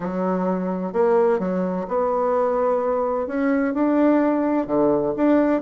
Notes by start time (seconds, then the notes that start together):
0.00 F#3
0.93 A#3
1.39 F#3
1.88 B3
3.27 C#4
3.74 D4
4.66 D3
5.16 D4